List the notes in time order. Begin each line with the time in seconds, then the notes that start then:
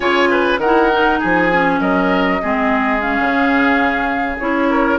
0.00 C#3 F4 C#5 G#5
0.30 B4
0.58 D#3 A#4 F#5
0.65 E4
0.92 D#4
1.19 F3 G#4 G#5
1.52 C#4
1.80 F#3 A#4 D#5
2.41 G#3 C4 G#4
3.00 C#4 F5
3.19 C#3
4.38 C#4 E4 C#5
4.69 A#4